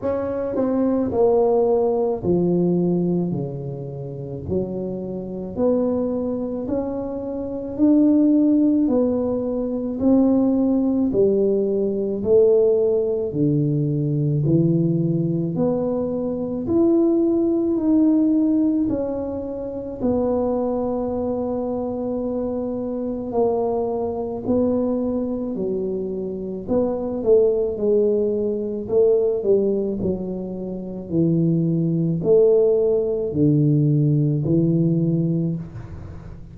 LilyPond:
\new Staff \with { instrumentName = "tuba" } { \time 4/4 \tempo 4 = 54 cis'8 c'8 ais4 f4 cis4 | fis4 b4 cis'4 d'4 | b4 c'4 g4 a4 | d4 e4 b4 e'4 |
dis'4 cis'4 b2~ | b4 ais4 b4 fis4 | b8 a8 gis4 a8 g8 fis4 | e4 a4 d4 e4 | }